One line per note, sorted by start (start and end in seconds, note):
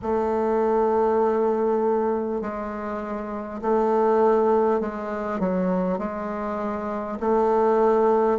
0.02 2.41 A3
2.41 3.61 G#3
3.61 4.80 A3
4.80 5.39 G#3
5.39 5.98 F#3
5.98 7.18 G#3
7.19 8.38 A3